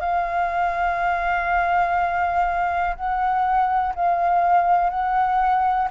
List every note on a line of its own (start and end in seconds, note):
0.00 2.95 F5
2.96 3.94 F#5
3.95 4.90 F5
4.90 5.88 F#5